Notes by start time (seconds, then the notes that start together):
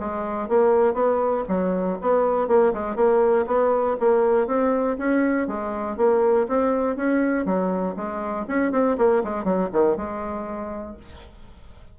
0.00 G#3
0.49 A#3
0.94 B3
1.48 F#3
2.02 B3
2.48 A#3
2.74 G#3
2.96 A#3
3.47 B3
4.00 A#3
4.47 C4
4.98 C#4
5.47 G#3
5.97 A#3
6.48 C4
6.96 C#4
7.45 F#3
7.96 G#3
8.48 C#4
8.72 C4
8.98 A#3
9.24 G#3
9.45 F#3
9.72 D#3
9.97 G#3